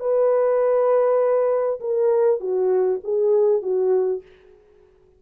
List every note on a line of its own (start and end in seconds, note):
0.00 1.80 B4
1.81 2.40 A#4
2.40 3.00 F#4
3.04 3.62 G#4
3.62 4.22 F#4